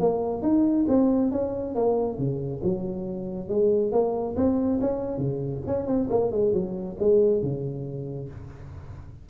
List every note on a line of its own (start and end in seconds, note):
0.00 0.42 A#3
0.42 0.86 D#4
0.88 1.32 C4
1.32 1.75 C#4
1.75 2.18 A#3
2.18 2.62 C#3
2.64 3.49 F#3
3.49 3.92 G#3
3.92 4.36 A#3
4.37 4.80 C4
4.81 5.18 C#4
5.18 5.62 C#3
5.67 5.87 C#4
5.87 6.08 C4
6.10 6.32 A#3
6.32 6.53 G#3
6.54 6.97 F#3
6.99 7.42 G#3
7.42 8.29 C#3